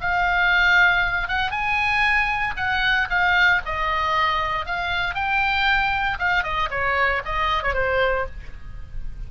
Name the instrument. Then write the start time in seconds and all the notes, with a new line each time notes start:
oboe
0.00 F5
1.28 F#5
1.50 G#5
2.56 F#5
3.09 F5
3.65 D#5
4.65 F5
5.14 G5
6.19 F5
6.43 D#5
6.70 C#5
7.25 D#5
7.63 C#5
7.74 C5